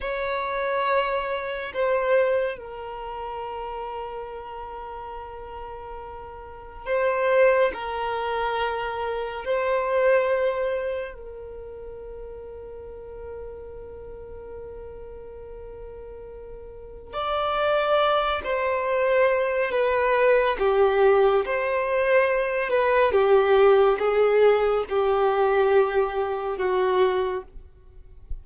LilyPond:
\new Staff \with { instrumentName = "violin" } { \time 4/4 \tempo 4 = 70 cis''2 c''4 ais'4~ | ais'1 | c''4 ais'2 c''4~ | c''4 ais'2.~ |
ais'1 | d''4. c''4. b'4 | g'4 c''4. b'8 g'4 | gis'4 g'2 fis'4 | }